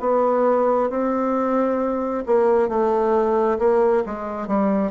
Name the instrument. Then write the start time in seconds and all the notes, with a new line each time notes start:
bassoon
0.00 B3
0.90 C4
2.26 A#3
2.69 A3
3.58 A#3
4.05 G#3
4.47 G3